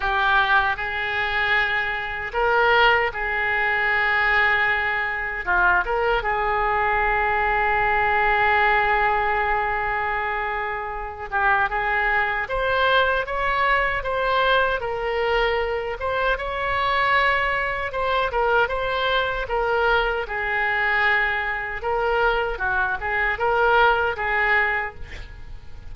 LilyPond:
\new Staff \with { instrumentName = "oboe" } { \time 4/4 \tempo 4 = 77 g'4 gis'2 ais'4 | gis'2. f'8 ais'8 | gis'1~ | gis'2~ gis'8 g'8 gis'4 |
c''4 cis''4 c''4 ais'4~ | ais'8 c''8 cis''2 c''8 ais'8 | c''4 ais'4 gis'2 | ais'4 fis'8 gis'8 ais'4 gis'4 | }